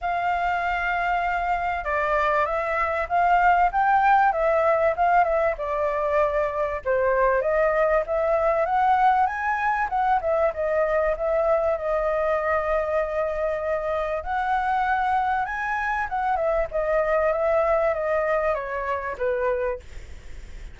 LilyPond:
\new Staff \with { instrumentName = "flute" } { \time 4/4 \tempo 4 = 97 f''2. d''4 | e''4 f''4 g''4 e''4 | f''8 e''8 d''2 c''4 | dis''4 e''4 fis''4 gis''4 |
fis''8 e''8 dis''4 e''4 dis''4~ | dis''2. fis''4~ | fis''4 gis''4 fis''8 e''8 dis''4 | e''4 dis''4 cis''4 b'4 | }